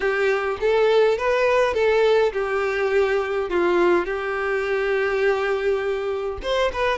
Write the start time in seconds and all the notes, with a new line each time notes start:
0.00 G4
0.60 A4
1.18 B4
1.74 A4
2.32 G4
3.49 F4
4.05 G4
6.42 C5
6.73 B4